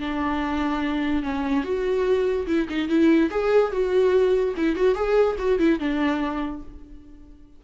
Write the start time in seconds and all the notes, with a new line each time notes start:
0.00 D4
1.23 C#4
1.64 F#4
2.47 E4
2.69 D#4
2.89 E4
3.31 G#4
3.72 F#4
4.57 E4
4.76 F#4
4.95 G#4
5.38 F#4
5.59 E4
5.79 D4